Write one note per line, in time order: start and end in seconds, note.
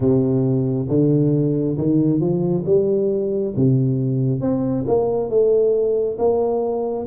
0.00 0.87 C3
0.88 1.76 D3
1.77 2.20 D#3
2.20 2.64 F3
2.66 3.54 G3
3.56 4.40 C3
4.40 4.84 C4
4.87 5.29 A#3
5.29 6.17 A3
6.18 7.06 A#3